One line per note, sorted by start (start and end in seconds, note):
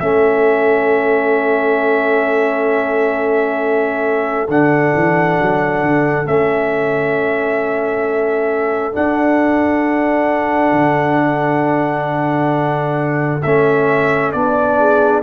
0.00 4.48 A3
0.00 4.48 C#4
0.00 14.79 A4
0.00 4.48 E5
4.48 4.93 D3
4.48 6.25 D4
4.48 6.27 F#5
4.95 5.40 E3
5.42 5.82 F#3
5.82 6.26 D3
6.25 8.94 A3
6.25 8.93 C#4
6.25 8.95 E5
8.93 13.40 D4
8.93 10.72 D4
8.93 13.42 F#5
10.72 13.41 D3
13.42 14.34 A3
13.42 14.34 C#4
13.42 14.32 E5
14.32 15.23 B3
14.32 15.23 D4
14.32 15.22 D5
14.79 15.23 G#4